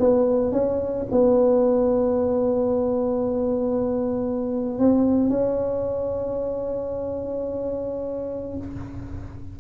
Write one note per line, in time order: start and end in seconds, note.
0.00 0.53 B3
0.53 1.07 C#4
1.12 4.79 B3
4.79 5.30 C4
5.30 8.58 C#4